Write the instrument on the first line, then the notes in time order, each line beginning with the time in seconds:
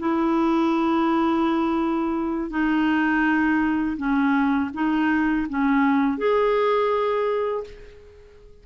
clarinet
0.00 E4
2.51 D#4
3.98 C#4
4.74 D#4
5.50 C#4
6.18 G#4